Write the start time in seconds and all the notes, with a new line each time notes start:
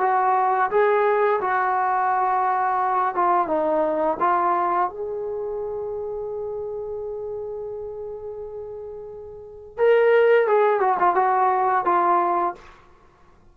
0.00 F#4
0.70 G#4
1.41 F#4
3.15 F4
3.47 D#4
4.20 F4
4.89 G#4
9.78 A#4
10.47 G#4
10.80 F#4
10.99 F4
11.15 F#4
11.85 F4